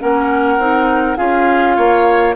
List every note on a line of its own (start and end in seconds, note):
0.00 0.58 A#3
0.00 0.59 C#4
0.00 1.18 A#4
0.00 1.17 F#5
0.58 1.17 C4
0.58 1.17 D#4
1.17 1.77 C#4
1.17 2.35 F4
1.17 1.76 G#4
1.17 2.34 F5
1.76 2.36 A#3
1.76 2.35 C#5